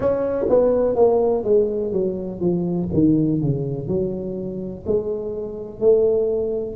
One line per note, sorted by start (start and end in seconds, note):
0.00 0.46 C#4
0.49 0.95 B3
0.95 1.43 A#3
1.43 1.92 G#3
1.92 2.40 F#3
2.40 2.89 F3
2.93 3.40 D#3
3.40 3.87 C#3
3.87 4.84 F#3
4.86 5.80 G#3
5.80 6.76 A3